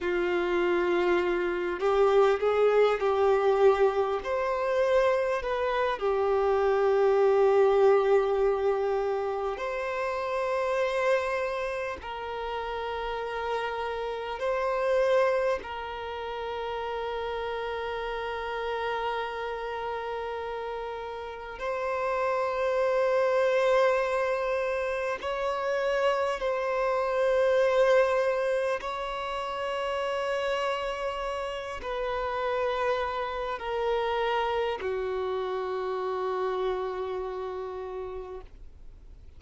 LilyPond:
\new Staff \with { instrumentName = "violin" } { \time 4/4 \tempo 4 = 50 f'4. g'8 gis'8 g'4 c''8~ | c''8 b'8 g'2. | c''2 ais'2 | c''4 ais'2.~ |
ais'2 c''2~ | c''4 cis''4 c''2 | cis''2~ cis''8 b'4. | ais'4 fis'2. | }